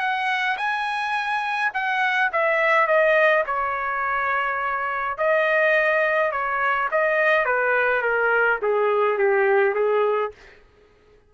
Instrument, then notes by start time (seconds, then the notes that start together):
trumpet
0.00 F#5
0.58 G#5
1.74 F#5
2.33 E5
2.88 D#5
3.47 C#5
5.18 D#5
6.32 C#5
6.92 D#5
7.45 B4
8.03 A#4
8.62 G#4
9.19 G4
9.75 G#4